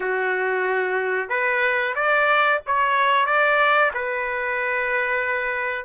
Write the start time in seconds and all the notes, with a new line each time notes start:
0.00 F#4
1.29 B4
1.95 D5
2.66 C#5
3.26 D5
3.94 B4